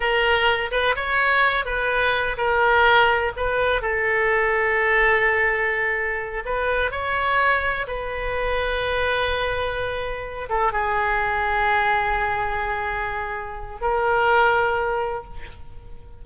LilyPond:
\new Staff \with { instrumentName = "oboe" } { \time 4/4 \tempo 4 = 126 ais'4. b'8 cis''4. b'8~ | b'4 ais'2 b'4 | a'1~ | a'4. b'4 cis''4.~ |
cis''8 b'2.~ b'8~ | b'2 a'8 gis'4.~ | gis'1~ | gis'4 ais'2. | }